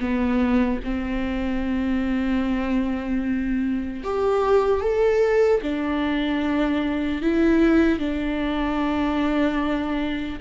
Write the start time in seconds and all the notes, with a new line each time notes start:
0.00 B3
0.84 C4
4.04 G4
4.81 A4
5.62 D4
7.22 E4
7.99 D4